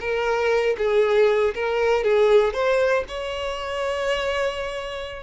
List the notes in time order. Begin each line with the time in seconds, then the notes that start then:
0.00 A#4
0.78 G#4
1.55 A#4
2.04 G#4
2.53 C5
3.08 C#5